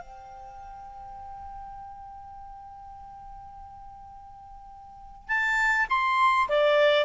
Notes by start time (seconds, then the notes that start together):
0.00 G5
5.28 A5
5.89 C6
6.48 D5